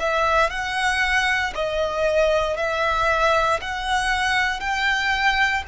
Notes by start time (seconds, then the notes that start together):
0.00 E5
0.50 F#5
1.55 D#5
2.57 E5
3.62 F#5
4.60 G5